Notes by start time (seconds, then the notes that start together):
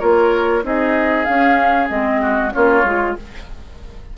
0.00 A#3 F4 A#4 C#5
0.63 C4 D#4 G#4 D#5
1.25 C#4 F5
1.89 G#3 C4 D#5
2.22 F#4
2.53 A#3 C#4 F4 C#5
2.84 G#3 F4